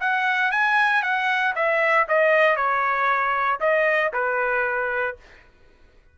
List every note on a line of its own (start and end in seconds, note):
0.00 0.51 F#5
0.51 1.03 G#5
1.03 1.54 F#5
1.55 2.07 E5
2.08 2.56 D#5
2.56 3.59 C#5
3.60 4.12 D#5
4.13 5.17 B4